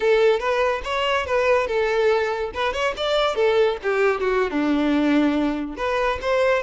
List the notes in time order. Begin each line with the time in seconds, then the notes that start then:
0.00 A4
0.39 B4
0.84 C#5
1.26 B4
1.67 A4
2.53 B4
2.73 C#5
2.97 D5
3.35 A4
3.82 G4
4.20 F#4
4.50 D4
5.77 B4
6.21 C5